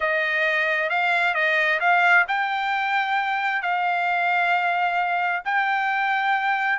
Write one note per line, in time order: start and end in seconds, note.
0.00 0.89 D#5
0.89 1.34 F5
1.34 1.79 D#5
1.80 2.25 F5
2.27 3.62 G5
3.62 5.42 F5
5.44 6.79 G5